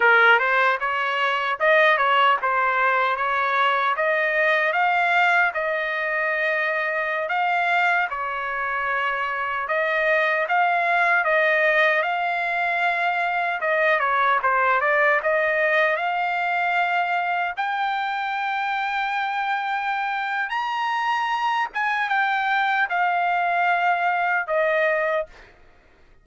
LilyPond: \new Staff \with { instrumentName = "trumpet" } { \time 4/4 \tempo 4 = 76 ais'8 c''8 cis''4 dis''8 cis''8 c''4 | cis''4 dis''4 f''4 dis''4~ | dis''4~ dis''16 f''4 cis''4.~ cis''16~ | cis''16 dis''4 f''4 dis''4 f''8.~ |
f''4~ f''16 dis''8 cis''8 c''8 d''8 dis''8.~ | dis''16 f''2 g''4.~ g''16~ | g''2 ais''4. gis''8 | g''4 f''2 dis''4 | }